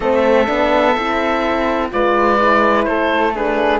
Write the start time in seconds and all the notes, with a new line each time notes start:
0.00 A3 C4 A4 E5
0.46 B3 D4
0.95 C4 E4
1.90 G#3 F4 B4 D5
2.37 E4
2.84 A3 A4 C5
3.34 D4 G#4 B4